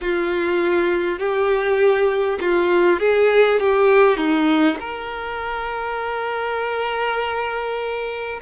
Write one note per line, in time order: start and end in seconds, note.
0.01 1.18 F4
1.18 2.38 G4
2.40 2.99 F4
2.99 3.59 G#4
3.59 4.17 G4
4.17 4.77 D#4
4.79 8.39 A#4